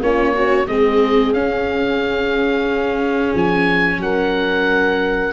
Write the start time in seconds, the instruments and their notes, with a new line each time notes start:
0.00 tuba A#3, viola C#4, horn F4, oboe C#5
0.33 horn C#4, viola F#4
0.67 tuba G#3, viola C4, horn G#4, oboe D#5
1.33 tuba C#4, viola C#4, oboe F5
3.35 tuba F3, oboe G#5
3.98 tuba F#3, horn A#4, oboe F#5